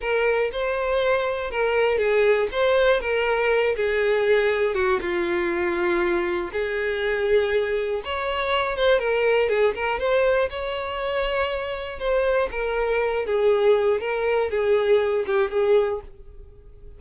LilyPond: \new Staff \with { instrumentName = "violin" } { \time 4/4 \tempo 4 = 120 ais'4 c''2 ais'4 | gis'4 c''4 ais'4. gis'8~ | gis'4. fis'8 f'2~ | f'4 gis'2. |
cis''4. c''8 ais'4 gis'8 ais'8 | c''4 cis''2. | c''4 ais'4. gis'4. | ais'4 gis'4. g'8 gis'4 | }